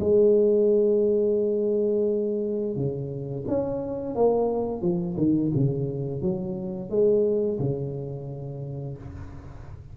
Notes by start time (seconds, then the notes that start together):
0.00 G#3
2.76 C#3
3.47 C#4
4.15 A#3
4.82 F3
5.17 D#3
5.55 C#3
6.21 F#3
6.90 G#3
7.59 C#3